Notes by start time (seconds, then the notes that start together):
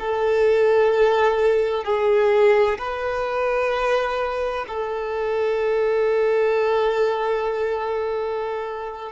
0.00 A4
1.85 G#4
2.78 B4
4.68 A4